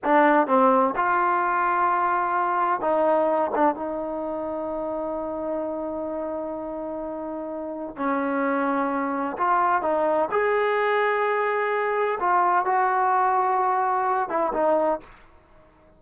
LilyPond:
\new Staff \with { instrumentName = "trombone" } { \time 4/4 \tempo 4 = 128 d'4 c'4 f'2~ | f'2 dis'4. d'8 | dis'1~ | dis'1~ |
dis'4 cis'2. | f'4 dis'4 gis'2~ | gis'2 f'4 fis'4~ | fis'2~ fis'8 e'8 dis'4 | }